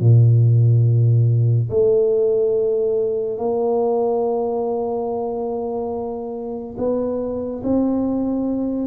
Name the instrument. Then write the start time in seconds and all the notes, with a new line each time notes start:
tuba
0.00 A#2
1.69 A3
3.38 A#3
6.78 B3
7.63 C4